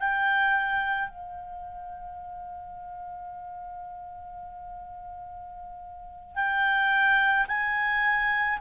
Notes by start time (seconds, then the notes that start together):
0.00 G5
1.09 F5
6.36 G5
7.48 G#5